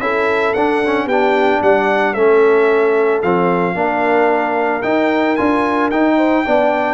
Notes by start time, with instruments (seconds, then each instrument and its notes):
0.00 tuba C#4, trombone E4, horn A4, trumpet E5
0.54 tuba D4, trombone D4, trumpet F#5
0.86 trombone C#4
1.06 tuba B3, trombone D4, horn G4, trumpet G5
1.62 tuba G3, horn D5, trumpet F#5
2.14 tuba A3, trombone C#4, horn A4, trumpet E5
3.23 tuba F3, trombone C4, trumpet F5
3.75 tuba A#3, trombone D4, horn A#4
4.83 tuba D#4, trombone D#4, trumpet G5
5.36 tuba D4, trombone F4, trumpet G#5
5.91 tuba D#4, trombone D#4, trumpet G5
6.17 horn C5
6.45 tuba B3, trombone D4, horn D5